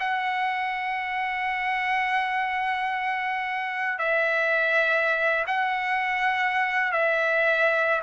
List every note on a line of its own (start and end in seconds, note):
0.00 3.99 F#5
3.99 5.45 E5
5.47 6.92 F#5
6.92 8.02 E5